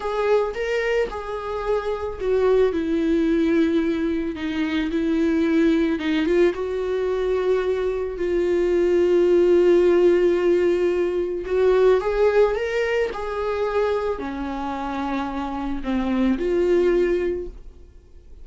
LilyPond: \new Staff \with { instrumentName = "viola" } { \time 4/4 \tempo 4 = 110 gis'4 ais'4 gis'2 | fis'4 e'2. | dis'4 e'2 dis'8 f'8 | fis'2. f'4~ |
f'1~ | f'4 fis'4 gis'4 ais'4 | gis'2 cis'2~ | cis'4 c'4 f'2 | }